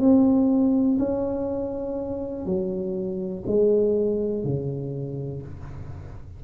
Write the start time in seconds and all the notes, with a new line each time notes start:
0.00 C4
0.99 C#4
2.46 F#3
3.47 G#3
4.44 C#3